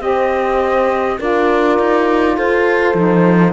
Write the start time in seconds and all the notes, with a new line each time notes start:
0.00 C4 G4 C5 D#5
1.19 D4 F4 A#4 D5
1.79 D#4
2.35 F4 A4 C5
2.95 F3 D#4